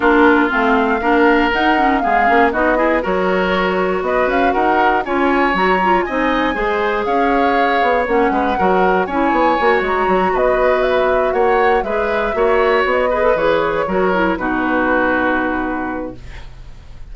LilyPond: <<
  \new Staff \with { instrumentName = "flute" } { \time 4/4 \tempo 4 = 119 ais'4 f''2 fis''4 | f''4 dis''4 cis''2 | dis''8 f''8 fis''4 gis''4 ais''4 | gis''2 f''2 |
fis''2 gis''4. ais''8~ | ais''8 dis''4 e''4 fis''4 e''8~ | e''4. dis''4 cis''4.~ | cis''8 b'2.~ b'8 | }
  \new Staff \with { instrumentName = "oboe" } { \time 4/4 f'2 ais'2 | gis'4 fis'8 gis'8 ais'2 | b'4 ais'4 cis''2 | dis''4 c''4 cis''2~ |
cis''8 b'8 ais'4 cis''2~ | cis''8 b'2 cis''4 b'8~ | b'8 cis''4. b'4. ais'8~ | ais'8 fis'2.~ fis'8 | }
  \new Staff \with { instrumentName = "clarinet" } { \time 4/4 d'4 c'4 d'4 dis'8 cis'8 | b8 cis'8 dis'8 e'8 fis'2~ | fis'2 f'4 fis'8 f'8 | dis'4 gis'2. |
cis'4 fis'4 e'4 fis'4~ | fis'2.~ fis'8 gis'8~ | gis'8 fis'4. gis'16 a'16 gis'4 fis'8 | e'8 dis'2.~ dis'8 | }
  \new Staff \with { instrumentName = "bassoon" } { \time 4/4 ais4 a4 ais4 dis'4 | gis8 ais8 b4 fis2 | b8 cis'8 dis'4 cis'4 fis4 | c'4 gis4 cis'4. b8 |
ais8 gis8 fis4 cis'8 b8 ais8 gis8 | fis8 b2 ais4 gis8~ | gis8 ais4 b4 e4 fis8~ | fis8 b,2.~ b,8 | }
>>